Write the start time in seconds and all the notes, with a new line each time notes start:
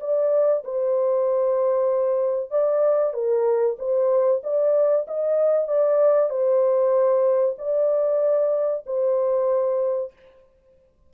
0.00 D5
0.64 C5
2.50 D5
3.13 A#4
3.78 C5
4.43 D5
5.07 D#5
5.68 D5
6.30 C5
7.58 D5
8.86 C5